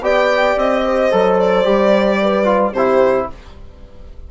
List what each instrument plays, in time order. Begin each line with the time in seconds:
0.00 bassoon B3, trombone G4, horn D5, violin G5
0.56 bassoon C4, violin D#5
0.85 horn C5
1.11 bassoon F#3, trombone A4
1.39 violin D5
1.64 bassoon G3, trombone G4
2.21 horn B4
2.44 trombone F4
2.72 bassoon C3, trombone E4, horn G4, violin C5